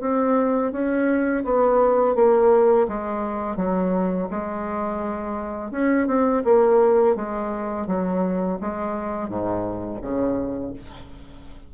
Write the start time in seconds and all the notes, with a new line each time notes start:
0.00 C4
0.72 C#4
1.44 B3
2.15 A#3
2.88 G#3
3.56 F#3
4.30 G#3
5.71 C#4
6.07 C4
6.44 A#3
7.15 G#3
7.87 F#3
8.60 G#3
9.28 G#2
10.01 C#3